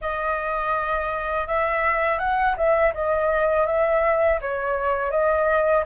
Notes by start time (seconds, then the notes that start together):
0.01 D#5
1.47 E5
2.19 F#5
2.56 E5
2.93 D#5
3.66 E5
4.41 C#5
5.11 D#5